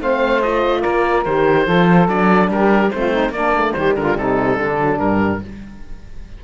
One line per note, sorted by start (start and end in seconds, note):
0.00 0.83 A3
0.00 0.42 C4
0.00 0.80 C5
0.00 0.42 F5
0.42 1.26 F4
0.42 0.82 D#5
0.80 1.25 A#3
0.80 1.63 A#4
0.80 1.23 D5
1.25 1.67 D#3
1.25 1.67 G4
1.25 2.08 C5
1.65 2.07 F3
1.65 2.07 F4
1.65 2.49 A4
2.07 2.48 F#3
2.07 2.91 D4
2.07 2.50 D5
2.48 2.90 G3
2.48 2.94 G4
2.48 2.90 A#4
2.90 3.29 A3
2.90 3.33 C4
2.90 3.11 F4
2.90 3.32 C5
3.11 3.32 D#4
3.29 3.71 A#3
3.29 3.54 A#3
3.29 3.76 D4
3.29 3.72 D5
3.54 3.75 A3
3.72 3.96 D#3
3.72 4.78 G3
3.72 3.97 G4
3.72 3.93 C5
3.96 4.16 D3
3.96 4.18 F4
3.96 4.17 A#4
4.16 4.58 C3
4.16 4.59 D#4
4.16 4.99 A4
4.58 4.99 D3
4.58 5.43 D4
4.78 4.99 F#3
4.99 5.41 G2
4.99 5.40 G3
4.99 5.40 A#4